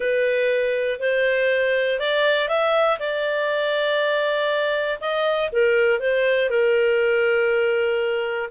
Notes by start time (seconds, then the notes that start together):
0.00 B4
0.99 C5
1.99 D5
2.48 E5
2.99 D5
5.00 D#5
5.51 A#4
5.99 C5
6.49 A#4